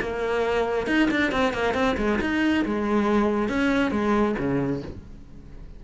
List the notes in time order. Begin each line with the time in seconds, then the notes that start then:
0.00 A#3
0.87 D#4
1.11 D4
1.31 C4
1.53 A#3
1.74 C4
1.97 G#3
2.21 D#4
2.65 G#3
3.49 C#4
3.91 G#3
4.38 C#3